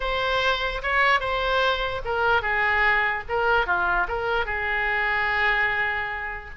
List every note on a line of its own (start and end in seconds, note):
0.00 0.82 C5
0.82 1.20 C#5
1.20 2.01 C5
2.04 2.42 A#4
2.42 3.23 G#4
3.28 3.66 A#4
3.66 4.07 F4
4.08 4.45 A#4
4.45 6.49 G#4